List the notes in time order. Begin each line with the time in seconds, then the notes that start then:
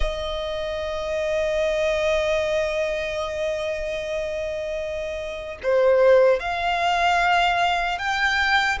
0.00 D#5
5.63 C5
6.39 F5
7.98 G5